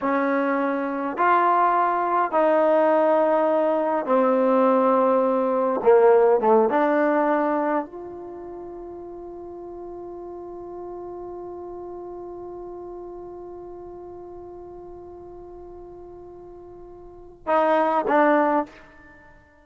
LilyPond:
\new Staff \with { instrumentName = "trombone" } { \time 4/4 \tempo 4 = 103 cis'2 f'2 | dis'2. c'4~ | c'2 ais4 a8 d'8~ | d'4. f'2~ f'8~ |
f'1~ | f'1~ | f'1~ | f'2 dis'4 d'4 | }